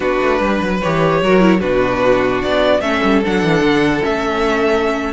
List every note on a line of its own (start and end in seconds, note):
0.00 0.18 B3
0.00 0.78 D4
0.00 0.40 F#4
0.00 0.80 B4
0.21 0.40 A3
0.40 0.60 G3
0.40 1.21 B4
0.61 0.81 F#3
0.81 1.21 E3
0.81 1.23 G4
0.81 1.60 C#5
1.21 1.61 F#3
1.21 1.40 F#4
1.21 1.60 A#4
1.40 1.60 E4
1.60 2.43 B2
1.60 2.81 D4
1.60 2.80 F#4
1.60 2.41 B4
2.42 2.80 B3
2.42 2.80 D5
2.80 3.01 A3
2.80 3.22 C#4
2.80 5.12 A4
2.80 3.21 E5
3.03 3.23 G3
3.24 3.43 F#3
3.24 4.02 D4
3.24 4.04 F#5
3.43 3.61 E3
3.61 4.01 D3
4.02 5.13 A3
4.02 5.13 C#4
4.02 5.13 E5